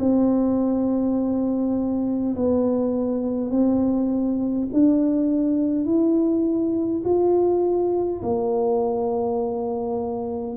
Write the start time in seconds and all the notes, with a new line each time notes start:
0.00 C4
2.36 B3
3.51 C4
4.73 D4
5.86 E4
7.04 F4
8.22 A#3